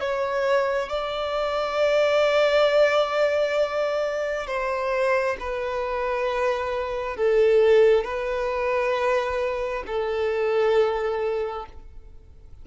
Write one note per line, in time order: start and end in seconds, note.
0.00 0.89 C#5
0.89 4.47 D5
4.47 5.36 C5
5.40 7.16 B4
7.16 8.04 A4
8.04 9.83 B4
9.87 11.66 A4